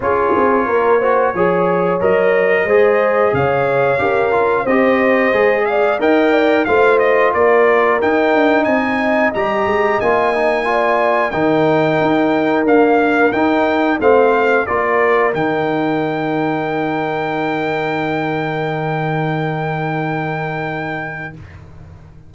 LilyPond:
<<
  \new Staff \with { instrumentName = "trumpet" } { \time 4/4 \tempo 4 = 90 cis''2. dis''4~ | dis''4 f''2 dis''4~ | dis''8 f''8 g''4 f''8 dis''8 d''4 | g''4 gis''4 ais''4 gis''4~ |
gis''4 g''2 f''4 | g''4 f''4 d''4 g''4~ | g''1~ | g''1 | }
  \new Staff \with { instrumentName = "horn" } { \time 4/4 gis'4 ais'8 c''8 cis''2 | c''4 cis''4 ais'4 c''4~ | c''8 d''8 dis''8 d''8 c''4 ais'4~ | ais'4 dis''2. |
d''4 ais'2.~ | ais'4 c''4 ais'2~ | ais'1~ | ais'1 | }
  \new Staff \with { instrumentName = "trombone" } { \time 4/4 f'4. fis'8 gis'4 ais'4 | gis'2 g'8 f'8 g'4 | gis'4 ais'4 f'2 | dis'2 g'4 f'8 dis'8 |
f'4 dis'2 ais4 | dis'4 c'4 f'4 dis'4~ | dis'1~ | dis'1 | }
  \new Staff \with { instrumentName = "tuba" } { \time 4/4 cis'8 c'8 ais4 f4 fis4 | gis4 cis4 cis'4 c'4 | gis4 dis'4 a4 ais4 | dis'8 d'8 c'4 g8 gis8 ais4~ |
ais4 dis4 dis'4 d'4 | dis'4 a4 ais4 dis4~ | dis1~ | dis1 | }
>>